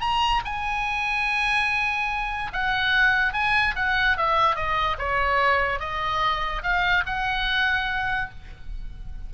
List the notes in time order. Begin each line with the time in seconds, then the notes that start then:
0.00 A#5
0.44 G#5
2.52 F#5
3.33 G#5
3.75 F#5
4.17 E5
4.55 D#5
4.98 C#5
5.79 D#5
6.62 F5
7.06 F#5